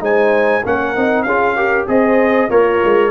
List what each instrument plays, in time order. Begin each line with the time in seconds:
0.00 tuba G#3, trombone D#4, horn C5, trumpet G#5
0.65 tuba A#3, trombone C#4, horn A#4, trumpet F#5
0.96 tuba C4, trombone D#4
1.23 tuba C#4, trombone F4, horn G#4, trumpet F5
1.56 trombone G4, horn A#4
1.87 tuba C4, trombone G#4, horn C5, trumpet D#5
2.49 tuba A#3, horn F4, trombone A#4, trumpet C#5
2.85 tuba G#3